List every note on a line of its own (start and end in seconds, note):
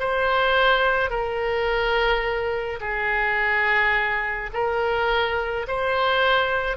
0.00 1.10 C5
1.10 2.80 A#4
2.81 4.51 G#4
4.54 5.67 A#4
5.68 6.77 C5